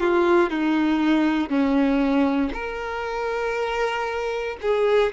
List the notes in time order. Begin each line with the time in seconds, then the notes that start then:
0.00 F4
0.50 D#4
1.50 C#4
2.54 A#4
4.62 G#4